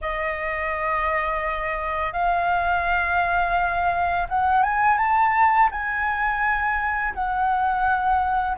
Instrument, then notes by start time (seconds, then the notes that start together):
flute
0.01 D#5
2.12 F5
4.28 F#5
4.62 G#5
4.97 A5
5.71 G#5
7.14 F#5